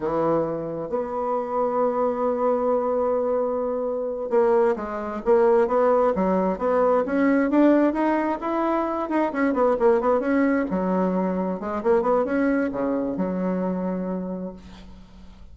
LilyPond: \new Staff \with { instrumentName = "bassoon" } { \time 4/4 \tempo 4 = 132 e2 b2~ | b1~ | b4. ais4 gis4 ais8~ | ais8 b4 fis4 b4 cis'8~ |
cis'8 d'4 dis'4 e'4. | dis'8 cis'8 b8 ais8 b8 cis'4 fis8~ | fis4. gis8 ais8 b8 cis'4 | cis4 fis2. | }